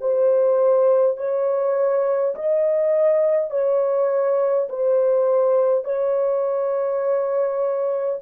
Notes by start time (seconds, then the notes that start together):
0.00 C5
1.17 C#5
2.35 D#5
3.50 C#5
4.68 C5
5.84 C#5